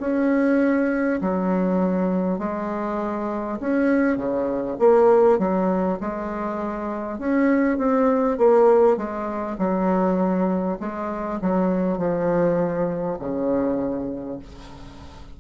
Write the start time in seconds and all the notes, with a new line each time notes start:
0.00 C#4
1.21 F#3
2.38 G#3
3.60 C#4
4.17 C#3
4.79 A#3
5.39 F#3
6.01 G#3
7.19 C#4
7.78 C4
8.38 A#3
8.97 G#3
9.58 F#3
10.80 G#3
11.42 F#3
11.98 F3
13.19 C#3